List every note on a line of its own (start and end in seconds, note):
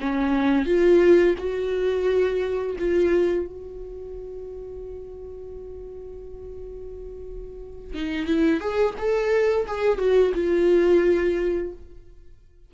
0.00 0.66 C#4
0.66 1.35 F4
1.38 2.76 F#4
2.78 3.46 F4
3.46 7.94 F#4
7.94 8.26 D#4
8.26 8.60 E4
8.60 8.94 G#4
8.97 9.66 A4
9.67 9.98 G#4
9.98 10.32 F#4
10.34 11.72 F4